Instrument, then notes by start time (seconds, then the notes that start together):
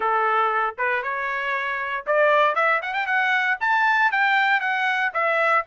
trumpet
0.00 A4
0.78 B4
1.02 C#5
2.06 D5
2.55 E5
2.82 F#5
2.93 G5
3.06 F#5
3.60 A5
4.11 G5
4.60 F#5
5.13 E5